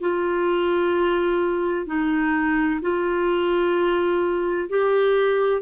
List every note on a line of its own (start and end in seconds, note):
0.00 1.86 F4
1.86 2.80 D#4
2.81 4.68 F4
4.69 5.61 G4